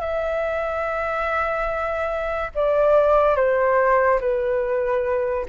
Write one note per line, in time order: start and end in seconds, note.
0.00 2.50 E5
2.55 3.36 D5
3.36 4.19 C5
4.20 5.45 B4